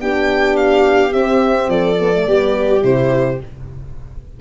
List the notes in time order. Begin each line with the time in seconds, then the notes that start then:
0.00 B3 D4 G4 G5
0.56 F5
1.11 C4 E5
1.68 F3 A4 D5
1.99 B3
2.13 A3
2.26 G3 B3 G4
2.81 C3 E4 C5